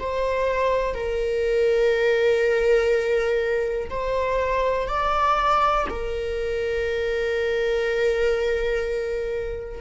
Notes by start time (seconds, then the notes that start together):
0.00 C5
0.95 A#4
3.90 C5
4.89 D5
5.90 A#4